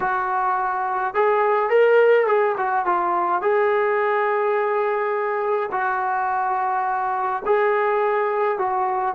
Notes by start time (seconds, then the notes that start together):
0.00 F#4
1.14 G#4
1.69 A#4
2.26 G#4
2.57 F#4
2.85 F4
3.41 G#4
5.71 F#4
7.45 G#4
8.58 F#4